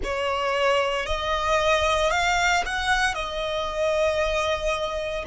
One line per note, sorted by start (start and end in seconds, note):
0.03 1.05 C#5
1.05 2.11 D#5
2.11 2.63 F5
2.65 3.14 F#5
3.14 5.24 D#5